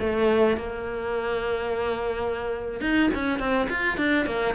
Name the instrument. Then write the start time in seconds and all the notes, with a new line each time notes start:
cello
0.00 A3
0.57 A#3
2.81 D#4
3.15 C#4
3.39 C4
3.70 F4
3.98 D4
4.26 A#3